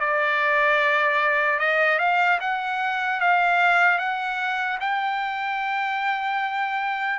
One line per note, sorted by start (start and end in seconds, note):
0.00 1.59 D5
1.59 1.99 D#5
1.99 2.39 F5
2.40 3.20 F#5
3.20 3.99 F5
3.99 4.78 F#5
4.80 7.19 G5